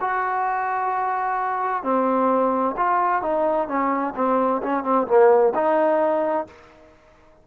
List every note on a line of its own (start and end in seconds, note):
0.00 1.83 F#4
1.83 2.75 C4
2.76 3.22 F4
3.22 3.68 D#4
3.68 4.14 C#4
4.15 4.61 C4
4.62 4.83 C#4
4.83 5.06 C4
5.07 5.53 A#3
5.54 6.47 D#4